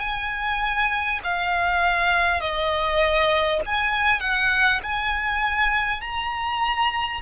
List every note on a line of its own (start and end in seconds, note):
0.00 1.20 G#5
1.24 2.41 F5
2.41 3.61 D#5
3.66 4.21 G#5
4.21 4.81 F#5
4.83 6.02 G#5
6.02 7.22 A#5